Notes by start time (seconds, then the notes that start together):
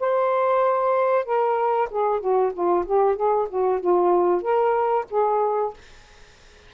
0.00 C5
1.25 A#4
1.90 G#4
2.21 F#4
2.53 F4
2.86 G4
3.16 G#4
3.50 F#4
3.81 F4
4.42 A#4
5.10 G#4